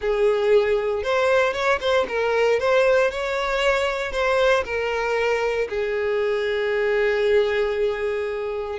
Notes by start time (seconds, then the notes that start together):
0.01 G#4
1.03 C5
1.53 C#5
1.80 C5
2.08 A#4
2.59 C5
3.11 C#5
4.12 C5
4.64 A#4
5.69 G#4